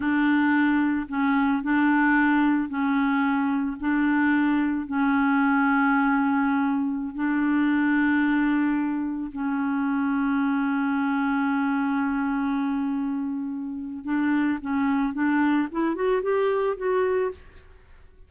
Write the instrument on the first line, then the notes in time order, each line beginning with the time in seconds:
clarinet
0.00 D4
1.08 C#4
1.62 D4
2.69 C#4
3.80 D4
4.86 C#4
7.14 D4
9.32 C#4
14.04 D4
14.61 C#4
15.14 D4
15.71 E4
15.95 F#4
16.22 G4
16.77 F#4